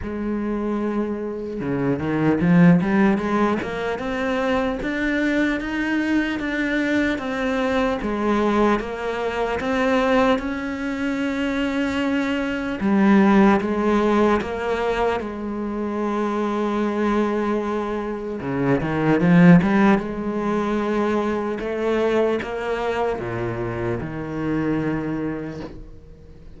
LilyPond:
\new Staff \with { instrumentName = "cello" } { \time 4/4 \tempo 4 = 75 gis2 cis8 dis8 f8 g8 | gis8 ais8 c'4 d'4 dis'4 | d'4 c'4 gis4 ais4 | c'4 cis'2. |
g4 gis4 ais4 gis4~ | gis2. cis8 dis8 | f8 g8 gis2 a4 | ais4 ais,4 dis2 | }